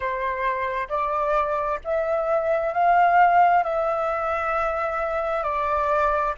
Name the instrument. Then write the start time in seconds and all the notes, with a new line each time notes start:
flute
0.00 C5
0.88 D5
1.84 E5
2.73 F5
3.63 E5
5.43 D5